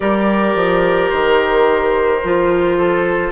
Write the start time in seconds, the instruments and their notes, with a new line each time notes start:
0.00 bassoon G3, clarinet G4, oboe A#4, flute D5
0.55 bassoon F3
1.09 bassoon D#3, flute C5
2.23 bassoon F3, clarinet F4
2.77 oboe A4